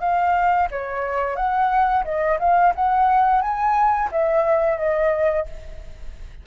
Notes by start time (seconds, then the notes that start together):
0.00 F5
0.71 C#5
1.36 F#5
2.04 D#5
2.39 F5
2.75 F#5
3.42 G#5
4.11 E5
4.78 D#5